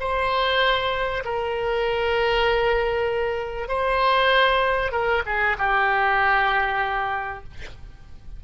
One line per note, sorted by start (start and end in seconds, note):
0.00 1.24 C5
1.25 3.68 A#4
3.68 4.92 C5
4.92 5.23 A#4
5.26 5.57 G#4
5.58 7.44 G4